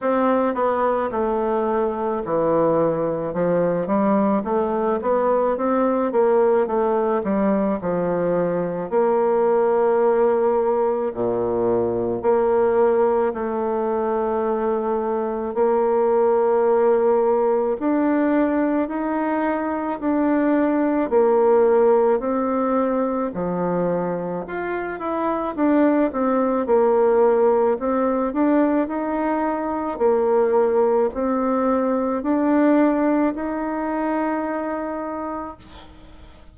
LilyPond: \new Staff \with { instrumentName = "bassoon" } { \time 4/4 \tempo 4 = 54 c'8 b8 a4 e4 f8 g8 | a8 b8 c'8 ais8 a8 g8 f4 | ais2 ais,4 ais4 | a2 ais2 |
d'4 dis'4 d'4 ais4 | c'4 f4 f'8 e'8 d'8 c'8 | ais4 c'8 d'8 dis'4 ais4 | c'4 d'4 dis'2 | }